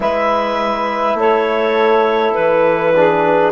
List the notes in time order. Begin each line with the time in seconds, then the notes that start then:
0.00 G#3 E4 B4 E5
1.14 A3 A4 C#5
2.34 E3 B4
2.95 D4 G#4